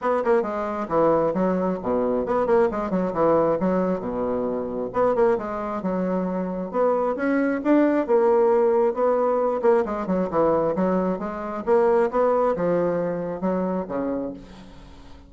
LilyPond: \new Staff \with { instrumentName = "bassoon" } { \time 4/4 \tempo 4 = 134 b8 ais8 gis4 e4 fis4 | b,4 b8 ais8 gis8 fis8 e4 | fis4 b,2 b8 ais8 | gis4 fis2 b4 |
cis'4 d'4 ais2 | b4. ais8 gis8 fis8 e4 | fis4 gis4 ais4 b4 | f2 fis4 cis4 | }